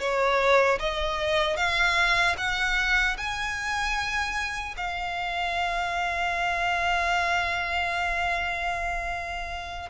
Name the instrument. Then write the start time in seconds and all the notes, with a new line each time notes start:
violin
0.00 C#5
0.80 D#5
1.57 F5
2.38 F#5
3.17 G#5
4.77 F5